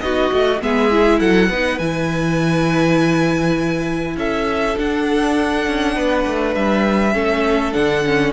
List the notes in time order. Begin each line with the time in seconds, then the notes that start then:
0.00 B3 D#4 F#4 D#5
0.32 A3 F#4
0.61 G#3 B3 G#4 E5
0.90 E4
1.19 F#3 A4 F#5
1.49 B3 D#4 B4
1.78 E3 E4 G#5
4.16 C#4 A4 E5
4.75 D4 F#5
5.67 C#4
5.95 B3 B4
6.26 A3
6.54 G3 E5
7.13 A3 C#4 A4
7.72 D3 D4 F#5
8.05 C#4